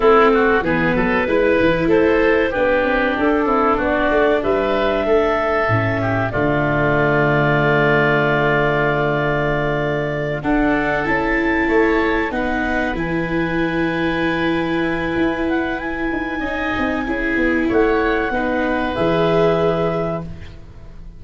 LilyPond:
<<
  \new Staff \with { instrumentName = "clarinet" } { \time 4/4 \tempo 4 = 95 a'4 b'2 c''4 | b'4 a'4 d''4 e''4~ | e''2 d''2~ | d''1~ |
d''8 fis''4 a''2 fis''8~ | fis''8 gis''2.~ gis''8~ | gis''8 fis''8 gis''2. | fis''2 e''2 | }
  \new Staff \with { instrumentName = "oboe" } { \time 4/4 e'8 fis'8 gis'8 a'8 b'4 a'4 | g'4. e'8 fis'4 b'4 | a'4. g'8 f'2~ | f'1~ |
f'8 a'2 cis''4 b'8~ | b'1~ | b'2 dis''4 gis'4 | cis''4 b'2. | }
  \new Staff \with { instrumentName = "viola" } { \time 4/4 c'4 b4 e'2 | d'1~ | d'4 cis'4 a2~ | a1~ |
a8 d'4 e'2 dis'8~ | dis'8 e'2.~ e'8~ | e'2 dis'4 e'4~ | e'4 dis'4 gis'2 | }
  \new Staff \with { instrumentName = "tuba" } { \time 4/4 a4 e8 fis8 gis8 e8 a4 | b8 c'8 d'8 c'8 b8 a8 g4 | a4 a,4 d2~ | d1~ |
d8 d'4 cis'4 a4 b8~ | b8 e2.~ e8 | e'4. dis'8 cis'8 c'8 cis'8 b8 | a4 b4 e2 | }
>>